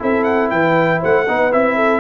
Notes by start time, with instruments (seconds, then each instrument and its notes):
0.00 tuba C4, trombone E4, horn A4, trumpet E5
0.24 trumpet F#5
0.50 tuba E3, horn B4, trumpet G5
1.00 tuba A3, horn C5, trumpet F#5
1.28 tuba B3, trombone D#4, horn B4
1.52 tuba C4, trombone E4, trumpet E5
1.76 horn A4